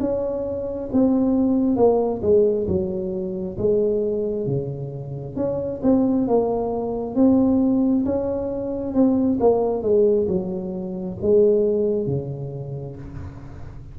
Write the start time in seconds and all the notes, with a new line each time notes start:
0.00 C#4
0.92 C4
1.76 A#3
2.22 G#3
2.67 F#3
3.58 G#3
4.47 C#3
5.36 C#4
5.83 C4
6.28 A#3
7.15 C4
8.06 C#4
8.94 C4
9.40 A#3
9.83 G#3
10.27 F#3
11.21 G#3
12.07 C#3